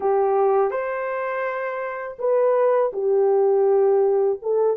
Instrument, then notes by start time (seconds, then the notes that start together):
horn
0.00 G4
0.70 C5
2.19 B4
2.93 G4
4.41 A4